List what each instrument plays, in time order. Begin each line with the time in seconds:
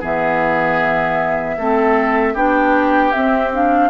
0.00 bassoon E3, clarinet B3, oboe G#4, flute E5
1.57 bassoon A3, clarinet C4, oboe A4
2.33 bassoon B3, clarinet D4, oboe G4, flute G5
3.12 clarinet C4, bassoon C4, flute E5
3.52 clarinet D4, flute F5